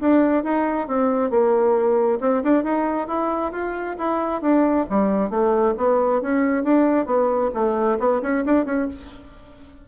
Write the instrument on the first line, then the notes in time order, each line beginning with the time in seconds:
bassoon
0.00 D4
0.43 D#4
0.87 C4
1.30 A#3
2.20 C4
2.43 D4
2.63 D#4
3.07 E4
3.52 F4
3.98 E4
4.42 D4
4.89 G3
5.30 A3
5.77 B3
6.21 C#4
6.63 D4
7.06 B3
7.54 A3
7.99 B3
8.22 C#4
8.45 D4
8.65 C#4